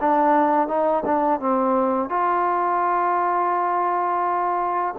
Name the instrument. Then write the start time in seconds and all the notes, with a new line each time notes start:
trombone
0.00 D4
0.68 D#4
1.05 D4
1.40 C4
2.09 F4